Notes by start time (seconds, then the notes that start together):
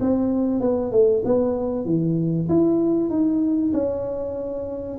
0.00 C4
0.60 B3
0.91 A3
1.25 B3
1.85 E3
2.49 E4
3.09 D#4
3.73 C#4